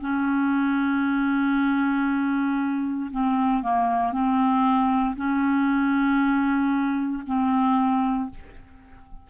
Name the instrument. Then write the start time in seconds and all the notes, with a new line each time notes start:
clarinet
0.00 C#4
3.11 C4
3.62 A#3
4.12 C4
5.16 C#4
7.26 C4